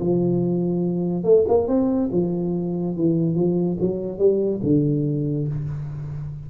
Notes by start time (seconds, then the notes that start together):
0.00 F3
1.24 A3
1.48 A#3
1.67 C4
2.12 F3
2.96 E3
3.35 F3
3.80 F#3
4.18 G3
4.63 D3